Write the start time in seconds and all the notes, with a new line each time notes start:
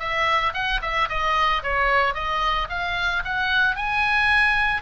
0.00 E5
0.54 F#5
0.82 E5
1.09 D#5
1.63 C#5
2.15 D#5
2.70 F5
3.25 F#5
3.76 G#5